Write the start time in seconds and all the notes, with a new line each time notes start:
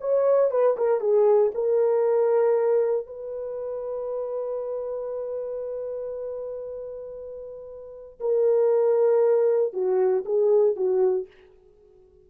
0.00 C#5
0.51 B4
0.77 A#4
1.00 G#4
1.54 A#4
3.06 B4
8.20 A#4
9.73 F#4
10.25 G#4
10.76 F#4